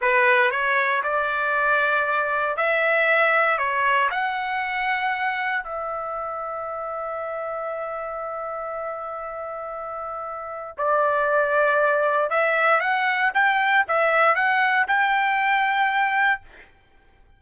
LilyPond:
\new Staff \with { instrumentName = "trumpet" } { \time 4/4 \tempo 4 = 117 b'4 cis''4 d''2~ | d''4 e''2 cis''4 | fis''2. e''4~ | e''1~ |
e''1~ | e''4 d''2. | e''4 fis''4 g''4 e''4 | fis''4 g''2. | }